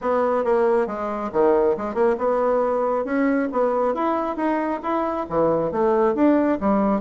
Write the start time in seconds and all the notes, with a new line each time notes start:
0.01 B3
0.44 A#3
0.87 G#3
1.32 D#3
1.77 G#3
1.94 A#3
2.18 B3
3.04 C#4
3.52 B3
3.94 E4
4.36 D#4
4.82 E4
5.29 E3
5.71 A3
6.14 D4
6.60 G3